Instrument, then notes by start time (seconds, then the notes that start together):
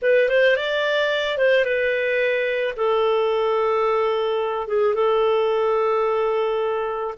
clarinet
0.02 B4
0.29 C5
0.56 D5
1.38 C5
1.64 B4
2.76 A4
4.67 G#4
4.94 A4